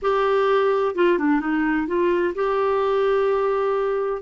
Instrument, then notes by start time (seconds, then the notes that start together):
clarinet
0.02 G4
0.95 F4
1.18 D4
1.40 D#4
1.87 F4
2.34 G4